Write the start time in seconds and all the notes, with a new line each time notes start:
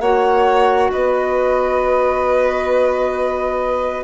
0.00 A#3 F#4 C#5 F#5
0.91 B3 B4 D#5